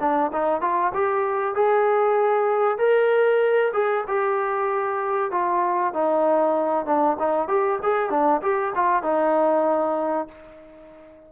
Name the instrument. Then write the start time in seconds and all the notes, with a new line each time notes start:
trombone
0.00 D4
0.33 D#4
0.61 F4
0.94 G4
1.55 G#4
2.78 A#4
3.73 G#4
4.07 G4
5.31 F4
5.93 D#4
6.86 D4
7.19 D#4
7.48 G4
7.83 G#4
8.10 D4
8.42 G4
8.75 F4
9.03 D#4